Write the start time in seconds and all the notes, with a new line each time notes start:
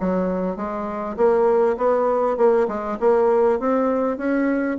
0.00 F#3
0.56 G#3
1.17 A#3
1.77 B3
2.37 A#3
2.68 G#3
3.00 A#3
3.60 C4
4.18 C#4